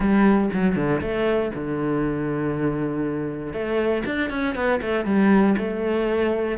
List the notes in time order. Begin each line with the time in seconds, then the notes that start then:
0.00 G3
0.53 F#3
0.75 D3
1.01 A3
1.54 D3
3.53 A3
4.05 D4
4.29 C#4
4.55 B3
4.81 A3
5.05 G3
5.57 A3